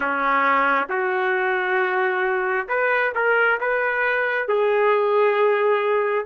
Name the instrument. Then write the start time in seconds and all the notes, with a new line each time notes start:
trumpet
0.00 C#4
0.89 F#4
2.68 B4
3.15 A#4
3.60 B4
4.48 G#4